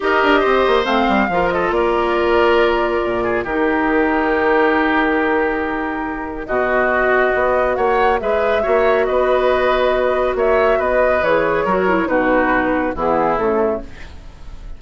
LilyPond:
<<
  \new Staff \with { instrumentName = "flute" } { \time 4/4 \tempo 4 = 139 dis''2 f''4. dis''8 | d''1 | ais'1~ | ais'2. dis''4~ |
dis''2 fis''4 e''4~ | e''4 dis''2. | e''4 dis''4 cis''2 | b'2 gis'4 a'4 | }
  \new Staff \with { instrumentName = "oboe" } { \time 4/4 ais'4 c''2 ais'8 a'8 | ais'2.~ ais'8 gis'8 | g'1~ | g'2. fis'4~ |
fis'2 cis''4 b'4 | cis''4 b'2. | cis''4 b'2 ais'4 | fis'2 e'2 | }
  \new Staff \with { instrumentName = "clarinet" } { \time 4/4 g'2 c'4 f'4~ | f'1 | dis'1~ | dis'2. fis'4~ |
fis'2. gis'4 | fis'1~ | fis'2 gis'4 fis'8 e'8 | dis'2 b4 a4 | }
  \new Staff \with { instrumentName = "bassoon" } { \time 4/4 dis'8 d'8 c'8 ais8 a8 g8 f4 | ais2. ais,4 | dis1~ | dis2. b,4~ |
b,4 b4 ais4 gis4 | ais4 b2. | ais4 b4 e4 fis4 | b,2 e4 cis4 | }
>>